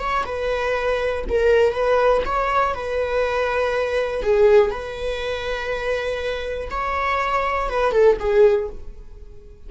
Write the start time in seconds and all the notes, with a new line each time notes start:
0.00 C#5
0.26 B4
1.30 A#4
1.74 B4
2.26 C#5
2.75 B4
4.23 G#4
4.71 B4
6.71 C#5
7.70 B4
7.92 A4
8.20 G#4